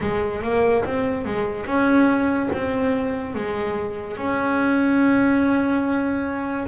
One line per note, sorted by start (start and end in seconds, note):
0.00 0.42 G#3
0.42 0.84 A#3
0.84 1.25 C4
1.25 1.66 G#3
1.66 2.49 C#4
2.52 3.34 C4
3.34 4.17 G#3
4.17 6.67 C#4